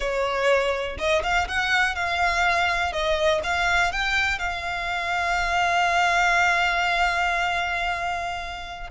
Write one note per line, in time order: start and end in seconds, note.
0.00 0.97 C#5
0.98 1.22 D#5
1.23 1.47 F5
1.48 1.95 F#5
1.95 2.92 F5
2.92 3.41 D#5
3.43 3.92 F5
3.92 4.39 G5
4.39 8.90 F5